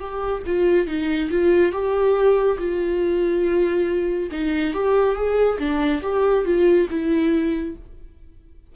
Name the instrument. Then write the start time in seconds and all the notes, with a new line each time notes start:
viola
0.00 G4
0.46 F4
0.87 D#4
1.31 F4
1.73 G4
2.59 F4
4.32 D#4
4.74 G4
5.16 G#4
5.59 D4
6.02 G4
6.45 F4
6.90 E4